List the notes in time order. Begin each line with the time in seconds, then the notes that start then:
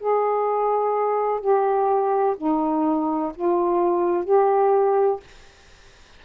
0.00 G#4
1.40 G4
2.37 D#4
3.35 F4
4.25 G4